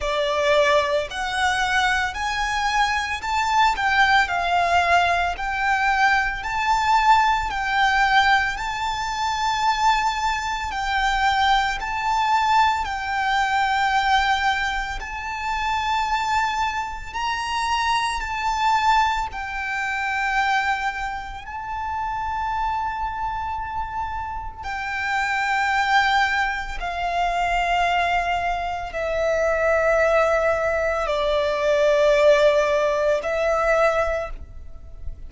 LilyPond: \new Staff \with { instrumentName = "violin" } { \time 4/4 \tempo 4 = 56 d''4 fis''4 gis''4 a''8 g''8 | f''4 g''4 a''4 g''4 | a''2 g''4 a''4 | g''2 a''2 |
ais''4 a''4 g''2 | a''2. g''4~ | g''4 f''2 e''4~ | e''4 d''2 e''4 | }